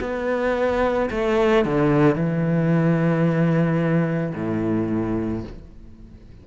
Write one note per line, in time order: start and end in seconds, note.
0.00 1.09 B3
1.10 1.65 A3
1.65 2.15 D3
2.15 4.33 E3
4.34 5.43 A2